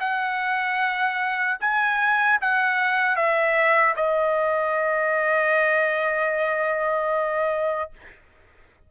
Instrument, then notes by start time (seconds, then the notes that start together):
trumpet
0.00 F#5
1.61 G#5
2.41 F#5
3.16 E5
3.96 D#5